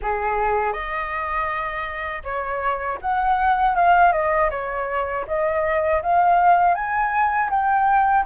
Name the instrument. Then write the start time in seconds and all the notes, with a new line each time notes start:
flute
0.02 G#4
0.73 D#5
2.23 C#5
3.01 F#5
3.75 F5
4.12 D#5
4.50 C#5
5.27 D#5
6.02 F5
6.74 G#5
7.50 G5